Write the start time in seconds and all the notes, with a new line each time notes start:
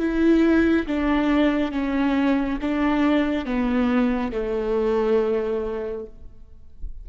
0.00 E4
0.87 D4
1.72 C#4
2.62 D4
3.45 B3
4.32 A3